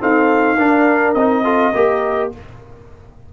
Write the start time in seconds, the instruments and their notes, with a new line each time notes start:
0.00 trombone C4, tuba D#4, horn A4, trumpet F5
0.58 tuba D4, trombone D4, horn A#4
1.15 tuba C4, trombone D#4, trumpet D#5
1.45 trombone F4, horn A4
1.74 tuba A#3, trombone G4, horn A#4